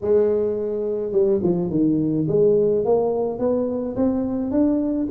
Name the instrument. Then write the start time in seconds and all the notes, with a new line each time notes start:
tuba
0.01 G#3
1.11 G3
1.42 F3
1.70 D#3
2.28 G#3
2.85 A#3
3.39 B3
3.96 C4
4.51 D4